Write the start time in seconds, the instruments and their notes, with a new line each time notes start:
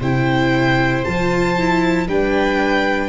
0.00 tuba C3, viola E4 C5, violin G5
1.05 tuba F3, viola F4, violin A5
1.59 viola E4
2.08 tuba G3, viola D4 B4, violin G5